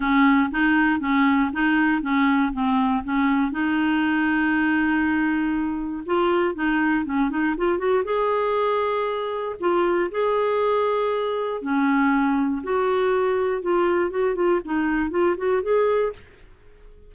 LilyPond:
\new Staff \with { instrumentName = "clarinet" } { \time 4/4 \tempo 4 = 119 cis'4 dis'4 cis'4 dis'4 | cis'4 c'4 cis'4 dis'4~ | dis'1 | f'4 dis'4 cis'8 dis'8 f'8 fis'8 |
gis'2. f'4 | gis'2. cis'4~ | cis'4 fis'2 f'4 | fis'8 f'8 dis'4 f'8 fis'8 gis'4 | }